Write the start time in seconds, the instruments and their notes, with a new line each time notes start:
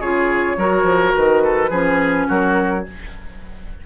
0.00 bassoon C#3, clarinet F4, oboe G#4, flute C#5
0.57 bassoon F#3, clarinet F#4, oboe A#4
0.83 bassoon F3
1.15 bassoon D#3, flute B4
1.44 oboe A4
1.70 bassoon F3, clarinet C#4, oboe G#4
2.28 bassoon F#3, oboe F#4, flute A#4